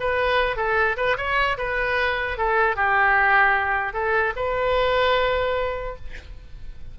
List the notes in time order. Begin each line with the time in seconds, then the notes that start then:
0.00 B4
0.56 A4
0.96 B4
1.17 C#5
1.57 B4
2.37 A4
2.76 G4
3.93 A4
4.36 B4